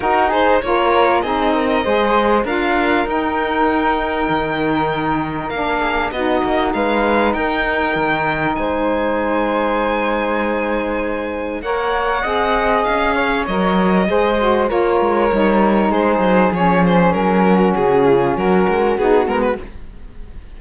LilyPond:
<<
  \new Staff \with { instrumentName = "violin" } { \time 4/4 \tempo 4 = 98 ais'8 c''8 cis''4 dis''2 | f''4 g''2.~ | g''4 f''4 dis''4 f''4 | g''2 gis''2~ |
gis''2. fis''4~ | fis''4 f''4 dis''2 | cis''2 c''4 cis''8 c''8 | ais'4 gis'4 ais'4 gis'8 ais'16 b'16 | }
  \new Staff \with { instrumentName = "flute" } { \time 4/4 fis'8 gis'8 ais'4 gis'8 ais'8 c''4 | ais'1~ | ais'4. gis'8 fis'4 b'4 | ais'2 c''2~ |
c''2. cis''4 | dis''4. cis''4. c''4 | ais'2 gis'2~ | gis'8 fis'4 f'8 fis'2 | }
  \new Staff \with { instrumentName = "saxophone" } { \time 4/4 dis'4 f'4 dis'4 gis'4 | f'4 dis'2.~ | dis'4 d'4 dis'2~ | dis'1~ |
dis'2. ais'4 | gis'2 ais'4 gis'8 fis'8 | f'4 dis'2 cis'4~ | cis'2. dis'8 b8 | }
  \new Staff \with { instrumentName = "cello" } { \time 4/4 dis'4 ais4 c'4 gis4 | d'4 dis'2 dis4~ | dis4 ais4 b8 ais8 gis4 | dis'4 dis4 gis2~ |
gis2. ais4 | c'4 cis'4 fis4 gis4 | ais8 gis8 g4 gis8 fis8 f4 | fis4 cis4 fis8 gis8 b8 gis8 | }
>>